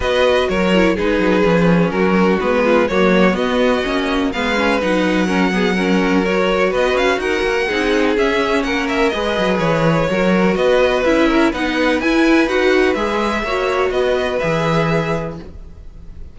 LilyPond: <<
  \new Staff \with { instrumentName = "violin" } { \time 4/4 \tempo 4 = 125 dis''4 cis''4 b'2 | ais'4 b'4 cis''4 dis''4~ | dis''4 f''4 fis''2~ | fis''4 cis''4 dis''8 f''8 fis''4~ |
fis''4 e''4 fis''8 e''8 dis''4 | cis''2 dis''4 e''4 | fis''4 gis''4 fis''4 e''4~ | e''4 dis''4 e''2 | }
  \new Staff \with { instrumentName = "violin" } { \time 4/4 b'4 ais'4 gis'2 | fis'4. f'8 fis'2~ | fis'4 b'2 ais'8 gis'8 | ais'2 b'4 ais'4 |
gis'2 ais'4 b'4~ | b'4 ais'4 b'4. ais'8 | b'1 | cis''4 b'2. | }
  \new Staff \with { instrumentName = "viola" } { \time 4/4 fis'4. e'8 dis'4 cis'4~ | cis'4 b4 ais4 b4 | cis'4 b8 cis'8 dis'4 cis'8 b8 | cis'4 fis'2. |
dis'4 cis'2 gis'4~ | gis'4 fis'2 e'4 | dis'4 e'4 fis'4 gis'4 | fis'2 gis'2 | }
  \new Staff \with { instrumentName = "cello" } { \time 4/4 b4 fis4 gis8 fis8 f4 | fis4 gis4 fis4 b4 | ais4 gis4 fis2~ | fis2 b8 cis'8 dis'8 ais8 |
c'4 cis'4 ais4 gis8 fis8 | e4 fis4 b4 cis'4 | b4 e'4 dis'4 gis4 | ais4 b4 e2 | }
>>